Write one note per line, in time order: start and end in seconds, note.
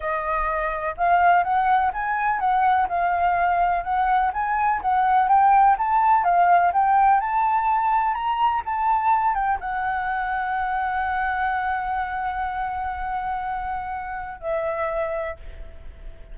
0.00 0.95 D#5
0.97 1.43 F5
1.43 1.91 F#5
1.93 2.39 G#5
2.39 2.87 F#5
2.88 3.83 F5
3.83 4.31 F#5
4.33 4.81 G#5
4.81 5.28 F#5
5.28 5.76 G5
5.78 6.24 A5
6.24 6.72 F5
6.72 7.20 G5
7.20 8.13 A5
8.13 8.61 A#5
8.65 9.34 A5
9.34 9.58 G5
9.60 14.40 F#5
14.40 15.36 E5